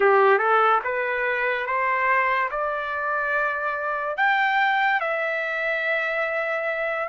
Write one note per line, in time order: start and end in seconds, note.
0.00 0.38 G4
0.38 0.80 A4
0.84 1.66 B4
1.66 2.49 C5
2.50 4.17 D5
4.17 5.00 G5
5.00 7.08 E5